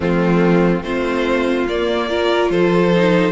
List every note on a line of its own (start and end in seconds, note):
0.00 0.82 F3
0.00 0.82 A3
0.00 0.83 C4
0.00 0.83 F4
0.82 1.65 A3
0.82 1.68 C4
0.82 2.09 F4
0.82 1.66 C5
1.67 2.50 A#3
1.67 2.09 A#3
1.67 2.50 D5
2.09 2.93 F4
2.09 2.51 A#4
2.50 3.32 F3
2.50 3.32 A4
2.50 3.32 C5
2.95 3.32 D#4